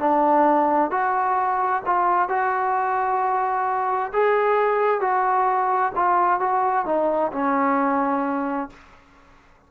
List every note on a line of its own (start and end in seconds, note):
0.00 0.91 D4
0.91 1.83 F#4
1.87 2.29 F4
2.29 4.12 F#4
4.13 5.01 G#4
5.01 5.93 F#4
5.96 6.40 F4
6.40 6.86 F#4
6.86 7.32 D#4
7.33 8.70 C#4